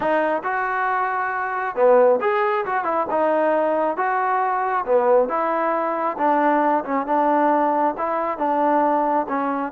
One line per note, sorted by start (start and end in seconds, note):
0.00 0.42 D#4
0.43 1.75 F#4
1.75 2.19 B3
2.21 2.65 G#4
2.65 2.84 F#4
2.84 3.06 E4
3.10 3.96 D#4
3.96 4.84 F#4
4.85 5.28 B3
5.28 6.16 E4
6.17 6.84 D4
6.84 7.06 C#4
7.06 7.94 D4
7.97 8.38 E4
8.38 9.26 D4
9.28 9.72 C#4